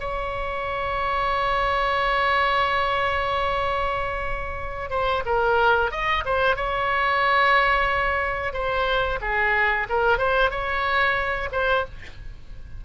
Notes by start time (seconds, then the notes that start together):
0.00 C#5
4.90 C5
5.26 A#4
5.91 D#5
6.25 C5
6.56 C#5
8.53 C5
9.21 G#4
9.89 A#4
10.18 C5
10.51 C#5
11.52 C5